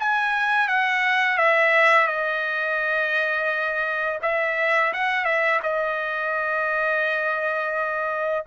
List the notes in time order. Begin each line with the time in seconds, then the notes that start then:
0.00 G#5
0.68 F#5
1.38 E5
2.08 D#5
4.23 E5
4.94 F#5
5.25 E5
5.63 D#5